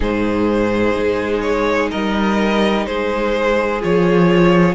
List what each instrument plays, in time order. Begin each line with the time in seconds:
0.00 cello G#2, viola D#4, violin G#4 C5
0.96 cello G#3
1.41 violin C#5
1.90 cello G3, violin A#4 D#5
2.86 cello G#3, violin G#4 C5
3.80 cello F3, viola F4, violin C#5